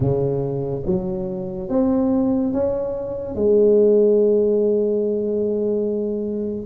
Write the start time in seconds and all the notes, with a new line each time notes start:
0.00 C#3
0.86 F#3
1.69 C4
2.52 C#4
3.35 G#3